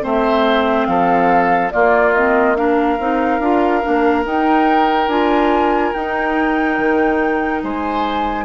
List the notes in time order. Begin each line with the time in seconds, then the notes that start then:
0.00 A3 C4 C5 E5
0.85 F3 A4 F5
1.70 A#3 F4 D5
2.13 C4 D#5
2.55 D4 A#4 F5
2.99 C4 D#4
3.39 D4 F4
3.82 A#3 D4
4.24 D#4 G5
5.07 D4 F4 G#5
5.92 D#4 G5
6.78 D#3
7.62 G#3 C5 G#5